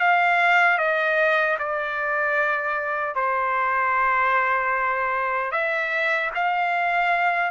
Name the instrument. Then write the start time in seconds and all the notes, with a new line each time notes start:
trumpet
0.00 F5
0.78 D#5
1.59 D5
3.15 C5
5.52 E5
6.35 F5